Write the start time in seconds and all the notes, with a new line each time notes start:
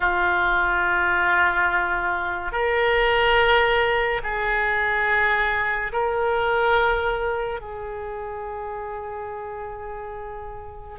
0.00 F4
2.51 A#4
4.23 G#4
5.92 A#4
7.61 G#4